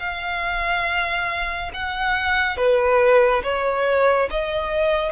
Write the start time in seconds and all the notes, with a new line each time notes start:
0.00 F5
1.74 F#5
2.57 B4
3.44 C#5
4.31 D#5